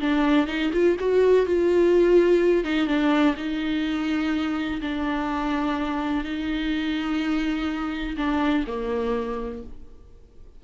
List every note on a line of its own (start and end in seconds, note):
0.00 0.47 D4
0.47 0.71 D#4
0.73 0.97 F4
0.99 1.46 F#4
1.46 2.64 F4
2.64 2.87 D#4
2.87 3.35 D4
3.36 4.80 D#4
4.81 6.24 D4
6.24 8.16 D#4
8.17 8.65 D4
8.67 9.63 A#3